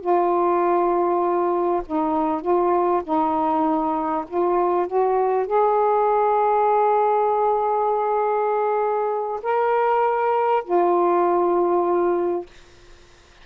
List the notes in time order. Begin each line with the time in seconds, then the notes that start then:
0.00 F4
1.86 D#4
2.41 F4
3.03 D#4
4.27 F4
4.87 F#4
5.46 G#4
9.42 A#4
10.64 F4